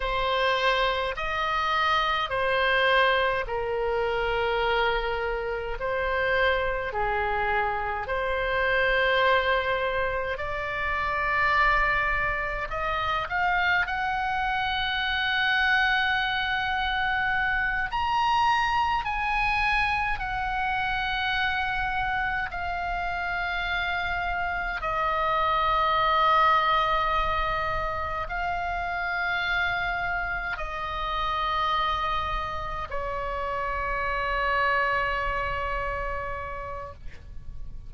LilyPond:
\new Staff \with { instrumentName = "oboe" } { \time 4/4 \tempo 4 = 52 c''4 dis''4 c''4 ais'4~ | ais'4 c''4 gis'4 c''4~ | c''4 d''2 dis''8 f''8 | fis''2.~ fis''8 ais''8~ |
ais''8 gis''4 fis''2 f''8~ | f''4. dis''2~ dis''8~ | dis''8 f''2 dis''4.~ | dis''8 cis''2.~ cis''8 | }